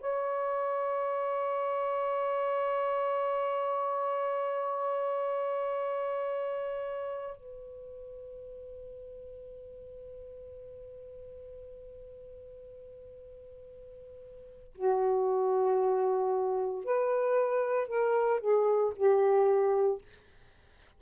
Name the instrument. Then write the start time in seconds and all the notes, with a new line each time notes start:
saxophone
0.00 C#5
7.36 B4
14.75 F#4
16.84 B4
17.88 A#4
18.40 G#4
18.96 G4